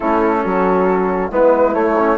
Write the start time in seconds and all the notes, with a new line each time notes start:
0.00 A3 C#4 E4 A4
0.44 F#3 F#4
1.31 G#3 B3 E4 B4
1.73 A3 C#5
1.97 C#4